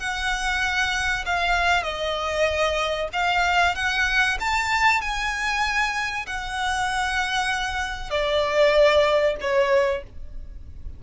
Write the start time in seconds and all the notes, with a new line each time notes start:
0.00 F#5
1.26 F5
1.84 D#5
3.13 F5
3.76 F#5
4.40 A5
5.01 G#5
6.27 F#5
8.11 D5
9.41 C#5